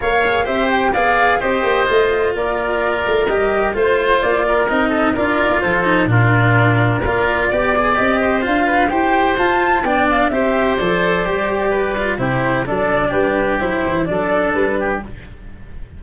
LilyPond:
<<
  \new Staff \with { instrumentName = "flute" } { \time 4/4 \tempo 4 = 128 f''4 e''8 g''8 f''4 dis''4~ | dis''4 d''2 dis''4 | c''4 d''4 dis''4 d''4 | c''4 ais'2 d''4~ |
d''4 dis''4 f''4 g''4 | a''4 g''8 f''8 e''4 d''4~ | d''2 c''4 d''4 | b'4 c''4 d''4 b'4 | }
  \new Staff \with { instrumentName = "oboe" } { \time 4/4 cis''4 c''4 d''4 c''4~ | c''4 ais'2. | c''4. ais'4 a'8 ais'4 | a'4 f'2 ais'4 |
d''4. c''4 b'8 c''4~ | c''4 d''4 c''2~ | c''4 b'4 g'4 a'4 | g'2 a'4. g'8 | }
  \new Staff \with { instrumentName = "cello" } { \time 4/4 ais'8 gis'8 g'4 gis'4 g'4 | f'2. g'4 | f'2 dis'4 f'4~ | f'8 dis'8 d'2 f'4 |
g'8 gis'8 g'4 f'4 g'4 | f'4 d'4 g'4 a'4 | g'4. f'8 e'4 d'4~ | d'4 e'4 d'2 | }
  \new Staff \with { instrumentName = "tuba" } { \time 4/4 ais4 c'4 b4 c'8 ais8 | a4 ais4. a8 g4 | a4 ais4 c'4 d'8 dis'16 ais16 | f4 ais,2 ais4 |
b4 c'4 d'4 e'4 | f'4 b4 c'4 f4 | g2 c4 fis4 | g4 fis8 e8 fis4 g4 | }
>>